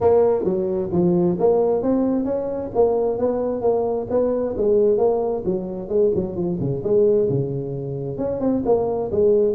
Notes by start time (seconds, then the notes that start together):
0.00 A#3
0.44 F#3
0.92 F3
1.39 A#3
1.82 C4
2.24 C#4
2.74 A#3
3.18 B3
3.61 A#3
4.10 B3
4.57 G#3
4.97 A#3
5.45 F#3
5.88 G#3
6.15 F#3
6.36 F3
6.60 C#3
6.83 G#3
7.29 C#3
8.17 C#4
8.40 C4
8.65 A#3
9.11 G#3